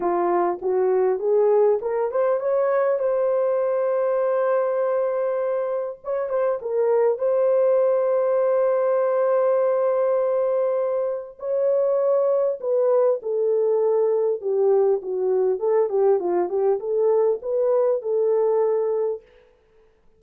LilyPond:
\new Staff \with { instrumentName = "horn" } { \time 4/4 \tempo 4 = 100 f'4 fis'4 gis'4 ais'8 c''8 | cis''4 c''2.~ | c''2 cis''8 c''8 ais'4 | c''1~ |
c''2. cis''4~ | cis''4 b'4 a'2 | g'4 fis'4 a'8 g'8 f'8 g'8 | a'4 b'4 a'2 | }